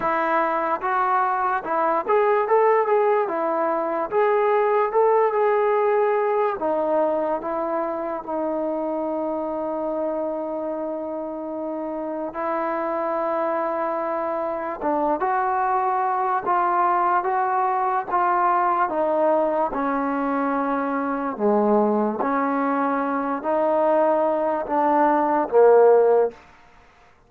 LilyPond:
\new Staff \with { instrumentName = "trombone" } { \time 4/4 \tempo 4 = 73 e'4 fis'4 e'8 gis'8 a'8 gis'8 | e'4 gis'4 a'8 gis'4. | dis'4 e'4 dis'2~ | dis'2. e'4~ |
e'2 d'8 fis'4. | f'4 fis'4 f'4 dis'4 | cis'2 gis4 cis'4~ | cis'8 dis'4. d'4 ais4 | }